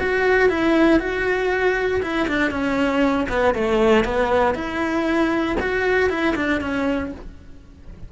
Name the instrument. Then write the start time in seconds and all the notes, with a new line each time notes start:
cello
0.00 F#4
0.49 E4
1.00 F#4
2.02 E4
2.28 D4
2.51 C#4
3.29 B3
3.55 A3
4.04 B3
4.55 E4
5.60 F#4
6.10 E4
6.36 D4
6.61 C#4